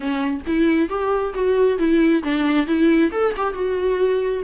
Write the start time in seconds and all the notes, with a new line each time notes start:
0.00 C#4
0.46 E4
0.89 G4
1.34 F#4
1.78 E4
2.23 D4
2.66 E4
3.11 A4
3.37 G4
3.53 F#4